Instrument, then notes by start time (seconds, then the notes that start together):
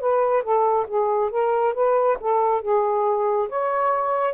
saxophone
0.00 B4
0.42 A4
0.87 G#4
1.30 A#4
1.74 B4
2.20 A4
2.61 G#4
3.49 C#5